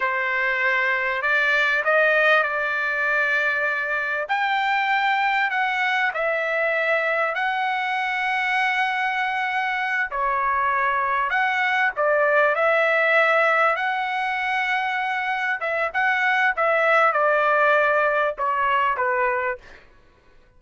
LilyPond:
\new Staff \with { instrumentName = "trumpet" } { \time 4/4 \tempo 4 = 98 c''2 d''4 dis''4 | d''2. g''4~ | g''4 fis''4 e''2 | fis''1~ |
fis''8 cis''2 fis''4 d''8~ | d''8 e''2 fis''4.~ | fis''4. e''8 fis''4 e''4 | d''2 cis''4 b'4 | }